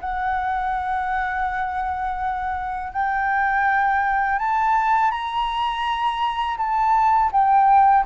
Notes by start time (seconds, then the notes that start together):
0.00 F#5
2.92 G5
4.39 A5
5.11 A#5
6.57 A5
7.31 G5